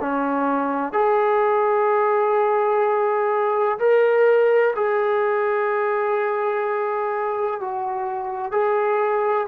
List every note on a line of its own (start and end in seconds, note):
0.00 0.93 C#4
0.93 3.78 G#4
3.79 4.74 A#4
4.75 7.60 G#4
7.60 8.51 F#4
8.51 9.46 G#4